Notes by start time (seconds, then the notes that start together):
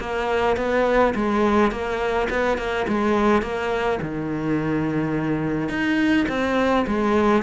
0.00 A#3
0.57 B3
1.15 G#3
1.71 A#3
2.30 B3
2.58 A#3
2.88 G#3
3.42 A#3
4.02 D#3
5.69 D#4
6.29 C4
6.87 G#3